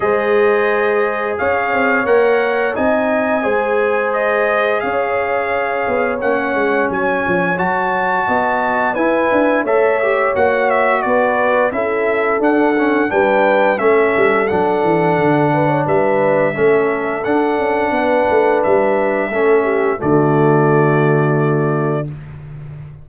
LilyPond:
<<
  \new Staff \with { instrumentName = "trumpet" } { \time 4/4 \tempo 4 = 87 dis''2 f''4 fis''4 | gis''2 dis''4 f''4~ | f''4 fis''4 gis''4 a''4~ | a''4 gis''4 e''4 fis''8 e''8 |
d''4 e''4 fis''4 g''4 | e''4 fis''2 e''4~ | e''4 fis''2 e''4~ | e''4 d''2. | }
  \new Staff \with { instrumentName = "horn" } { \time 4/4 c''2 cis''2 | dis''4 c''2 cis''4~ | cis''1 | dis''4 b'4 cis''2 |
b'4 a'2 b'4 | a'2~ a'8 b'16 cis''16 b'4 | a'2 b'2 | a'8 g'8 fis'2. | }
  \new Staff \with { instrumentName = "trombone" } { \time 4/4 gis'2. ais'4 | dis'4 gis'2.~ | gis'4 cis'2 fis'4~ | fis'4 e'4 a'8 g'8 fis'4~ |
fis'4 e'4 d'8 cis'8 d'4 | cis'4 d'2. | cis'4 d'2. | cis'4 a2. | }
  \new Staff \with { instrumentName = "tuba" } { \time 4/4 gis2 cis'8 c'8 ais4 | c'4 gis2 cis'4~ | cis'8 b8 ais8 gis8 fis8 f8 fis4 | b4 e'8 d'8 a4 ais4 |
b4 cis'4 d'4 g4 | a8 g8 fis8 e8 d4 g4 | a4 d'8 cis'8 b8 a8 g4 | a4 d2. | }
>>